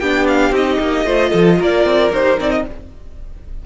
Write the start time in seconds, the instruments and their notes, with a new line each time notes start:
0.00 cello B3, viola D4, violin G4 G5
0.28 violin F5
0.51 cello C4, viola D#4, violin D#5
0.80 cello A#3
1.05 cello A3, viola F4, violin C5
1.31 cello F3, violin A4
1.60 cello A#3, violin A#4 D5
1.86 cello C4
2.12 cello D#4, viola G4, violin C5
2.39 cello C4, viola D#4, violin D5
2.51 violin D#5